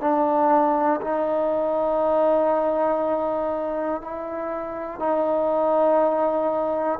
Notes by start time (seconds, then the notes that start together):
0.00 D4
1.00 D#4
4.01 E4
4.99 D#4